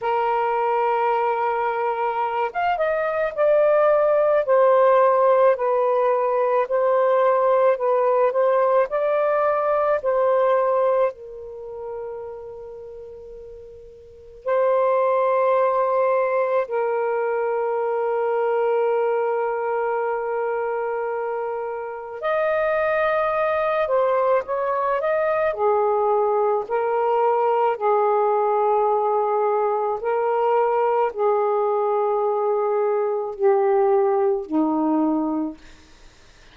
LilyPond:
\new Staff \with { instrumentName = "saxophone" } { \time 4/4 \tempo 4 = 54 ais'2~ ais'16 f''16 dis''8 d''4 | c''4 b'4 c''4 b'8 c''8 | d''4 c''4 ais'2~ | ais'4 c''2 ais'4~ |
ais'1 | dis''4. c''8 cis''8 dis''8 gis'4 | ais'4 gis'2 ais'4 | gis'2 g'4 dis'4 | }